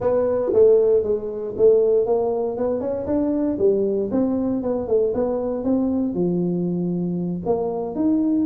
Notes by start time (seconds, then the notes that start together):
0.00 B3
0.53 A3
1.03 G#3
1.57 A3
2.06 A#3
2.57 B3
2.80 C#4
3.06 D4
3.58 G3
4.11 C4
4.62 B3
4.87 A3
5.14 B3
5.63 C4
6.14 F3
7.45 A#3
7.95 D#4